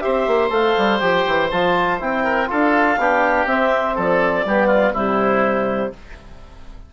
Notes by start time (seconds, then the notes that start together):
0.00 C4 G4 C5 E5
0.27 A#3
0.50 A3 A4 F5
0.78 G3
1.00 F3 G4 G5
1.27 E3
1.51 F3 F4 A5
2.00 C4 E4 G5
2.24 A#4
2.47 D4 F4 A4 F5
2.98 B3 D4 G4
3.46 C4 E5
3.95 F3 A4 D5
4.45 G3 B3 G4
4.68 F4
4.94 C3 G3 E4 C5